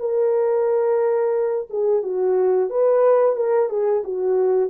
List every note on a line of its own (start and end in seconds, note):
0.00 1.69 A#4
1.70 2.03 G#4
2.03 2.70 F#4
2.70 3.36 B4
3.36 3.70 A#4
3.70 4.04 G#4
4.04 4.71 F#4